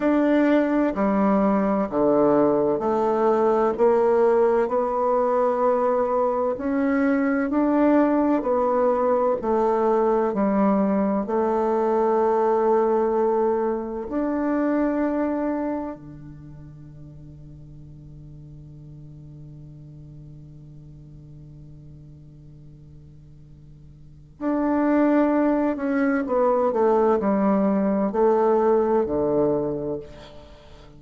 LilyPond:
\new Staff \with { instrumentName = "bassoon" } { \time 4/4 \tempo 4 = 64 d'4 g4 d4 a4 | ais4 b2 cis'4 | d'4 b4 a4 g4 | a2. d'4~ |
d'4 d2.~ | d1~ | d2 d'4. cis'8 | b8 a8 g4 a4 d4 | }